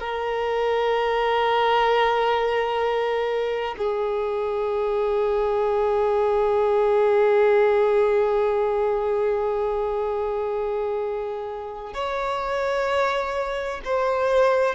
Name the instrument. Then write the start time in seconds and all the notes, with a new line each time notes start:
violin
0.00 A#4
3.78 G#4
11.94 C#5
13.85 C5